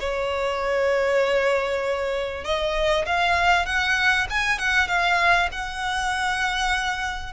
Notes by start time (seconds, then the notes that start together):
0.00 C#5
2.44 D#5
3.06 F5
3.66 F#5
4.30 G#5
4.59 F#5
4.88 F5
5.52 F#5